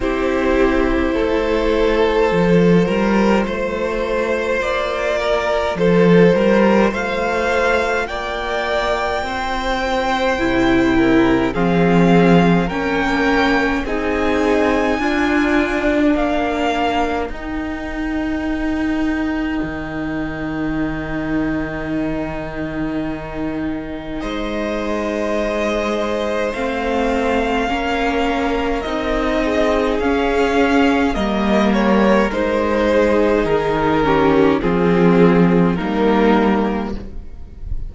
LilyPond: <<
  \new Staff \with { instrumentName = "violin" } { \time 4/4 \tempo 4 = 52 c''1 | d''4 c''4 f''4 g''4~ | g''2 f''4 g''4 | gis''2 f''4 g''4~ |
g''1~ | g''4 dis''2 f''4~ | f''4 dis''4 f''4 dis''8 cis''8 | c''4 ais'4 gis'4 ais'4 | }
  \new Staff \with { instrumentName = "violin" } { \time 4/4 g'4 a'4. ais'8 c''4~ | c''8 ais'8 a'8 ais'8 c''4 d''4 | c''4. ais'8 gis'4 ais'4 | gis'4 f'4 ais'2~ |
ais'1~ | ais'4 c''2. | ais'4. gis'4. ais'4~ | ais'8 gis'4 g'8 f'4 dis'4 | }
  \new Staff \with { instrumentName = "viola" } { \time 4/4 e'2 f'2~ | f'1~ | f'4 e'4 c'4 cis'4 | dis'4 d'2 dis'4~ |
dis'1~ | dis'2. c'4 | cis'4 dis'4 cis'4 ais4 | dis'4. cis'8 c'4 ais4 | }
  \new Staff \with { instrumentName = "cello" } { \time 4/4 c'4 a4 f8 g8 a4 | ais4 f8 g8 a4 ais4 | c'4 c4 f4 ais4 | c'4 d'4 ais4 dis'4~ |
dis'4 dis2.~ | dis4 gis2 a4 | ais4 c'4 cis'4 g4 | gis4 dis4 f4 g4 | }
>>